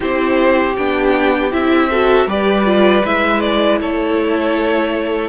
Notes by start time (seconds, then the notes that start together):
0.00 C4 E4 G4 C5
0.76 B3 D4 G5
1.51 C4 E4 E5
1.90 F#4 A4
2.26 G3 G4 B4 D5
2.64 F4
3.04 G#3 E4 E5
3.40 D5
3.80 A3 A4 C#5